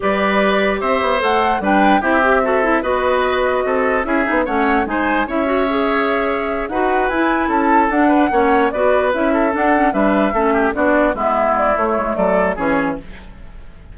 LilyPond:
<<
  \new Staff \with { instrumentName = "flute" } { \time 4/4 \tempo 4 = 148 d''2 e''4 fis''4 | g''4 e''2 dis''4~ | dis''2 e''4 fis''4 | gis''4 e''2.~ |
e''8 fis''4 gis''4 a''4 fis''8~ | fis''4. d''4 e''4 fis''8~ | fis''8 e''2 d''4 e''8~ | e''8 d''8 cis''4 d''4 cis''4 | }
  \new Staff \with { instrumentName = "oboe" } { \time 4/4 b'2 c''2 | b'4 g'4 a'4 b'4~ | b'4 a'4 gis'4 cis''4 | c''4 cis''2.~ |
cis''8 b'2 a'4. | b'8 cis''4 b'4. a'4~ | a'8 b'4 a'8 g'8 fis'4 e'8~ | e'2 a'4 gis'4 | }
  \new Staff \with { instrumentName = "clarinet" } { \time 4/4 g'2. a'4 | d'4 e'8 g'8 fis'8 e'8 fis'4~ | fis'2 e'8 dis'8 cis'4 | dis'4 e'8 fis'8 gis'2~ |
gis'8 fis'4 e'2 d'8~ | d'8 cis'4 fis'4 e'4 d'8 | cis'8 d'4 cis'4 d'4 b8~ | b4 a2 cis'4 | }
  \new Staff \with { instrumentName = "bassoon" } { \time 4/4 g2 c'8 b8 a4 | g4 c'2 b4~ | b4 c'4 cis'8 b8 a4 | gis4 cis'2.~ |
cis'8 dis'4 e'4 cis'4 d'8~ | d'8 ais4 b4 cis'4 d'8~ | d'8 g4 a4 b4 gis8~ | gis4 a8 gis8 fis4 e4 | }
>>